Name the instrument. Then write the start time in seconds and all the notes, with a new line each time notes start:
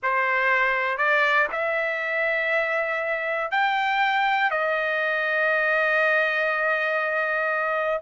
trumpet
0.02 C5
0.97 D5
1.52 E5
3.51 G5
4.50 D#5